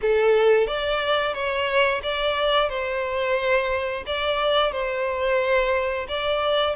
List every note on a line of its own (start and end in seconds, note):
0.01 0.67 A4
0.67 1.34 D5
1.34 2.01 C#5
2.03 2.69 D5
2.69 4.04 C5
4.06 4.72 D5
4.72 6.06 C5
6.08 6.75 D5